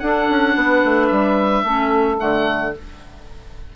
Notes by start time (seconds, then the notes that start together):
0.00 D4 A4 F#5
0.30 C#4
0.56 B3 B4
0.85 A3
1.07 G3 E5
1.64 A3 C#4 A4
2.18 D3 A3 F#5